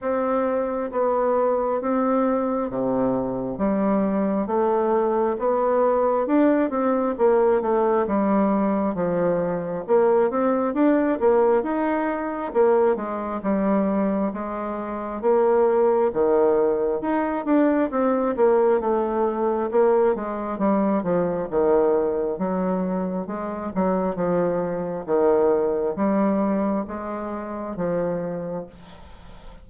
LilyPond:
\new Staff \with { instrumentName = "bassoon" } { \time 4/4 \tempo 4 = 67 c'4 b4 c'4 c4 | g4 a4 b4 d'8 c'8 | ais8 a8 g4 f4 ais8 c'8 | d'8 ais8 dis'4 ais8 gis8 g4 |
gis4 ais4 dis4 dis'8 d'8 | c'8 ais8 a4 ais8 gis8 g8 f8 | dis4 fis4 gis8 fis8 f4 | dis4 g4 gis4 f4 | }